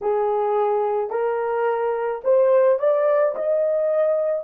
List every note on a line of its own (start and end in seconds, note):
0.01 1.10 G#4
1.10 2.21 A#4
2.24 2.79 C5
2.79 3.34 D5
3.35 4.44 D#5